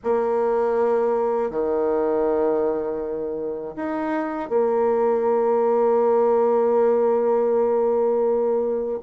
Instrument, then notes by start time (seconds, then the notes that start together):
bassoon
0.03 A#3
1.50 D#3
3.76 D#4
4.49 A#3